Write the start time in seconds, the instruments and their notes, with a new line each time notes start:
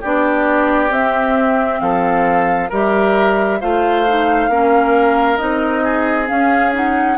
0.00 bassoon B3, clarinet D4, oboe G4, flute D5
0.89 clarinet C4, bassoon C4, flute E5
1.80 bassoon F3, oboe A4, flute F5
2.69 bassoon G3, clarinet G4, oboe A#4, flute E5
3.60 bassoon A3, clarinet F4, oboe C5, flute F5
4.07 clarinet D#4
4.48 bassoon A#3, clarinet C#4, oboe A#4
5.37 bassoon C4, clarinet D#4, flute D#5
5.83 oboe G#4
6.26 clarinet C#4, bassoon C#4, flute F5
6.72 clarinet D#4, flute F#5